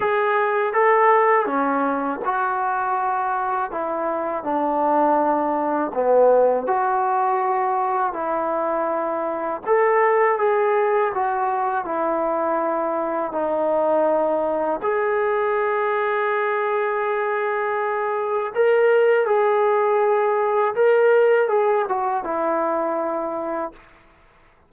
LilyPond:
\new Staff \with { instrumentName = "trombone" } { \time 4/4 \tempo 4 = 81 gis'4 a'4 cis'4 fis'4~ | fis'4 e'4 d'2 | b4 fis'2 e'4~ | e'4 a'4 gis'4 fis'4 |
e'2 dis'2 | gis'1~ | gis'4 ais'4 gis'2 | ais'4 gis'8 fis'8 e'2 | }